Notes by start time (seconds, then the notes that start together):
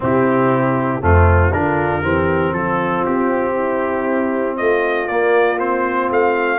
0.00 C3 C4 E4 G4
1.00 F2 A3 C4 F4
1.52 D3 D4 F4 A#4
2.02 E3 C4 G4
2.53 F3 F4 A4
3.05 C4 G4
3.54 E4
4.56 A3 F4 D#5
5.07 A#3 D5
5.58 C4 C5
6.10 A3 F5